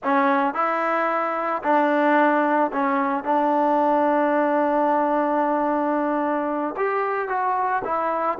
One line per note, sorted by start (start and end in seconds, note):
0.03 0.54 C#4
0.54 1.62 E4
1.63 2.71 D4
2.72 3.24 C#4
3.24 6.75 D4
6.76 7.28 G4
7.28 7.82 F#4
7.84 8.38 E4